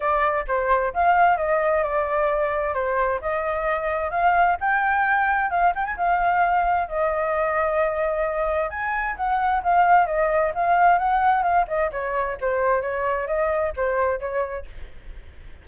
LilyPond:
\new Staff \with { instrumentName = "flute" } { \time 4/4 \tempo 4 = 131 d''4 c''4 f''4 dis''4 | d''2 c''4 dis''4~ | dis''4 f''4 g''2 | f''8 g''16 gis''16 f''2 dis''4~ |
dis''2. gis''4 | fis''4 f''4 dis''4 f''4 | fis''4 f''8 dis''8 cis''4 c''4 | cis''4 dis''4 c''4 cis''4 | }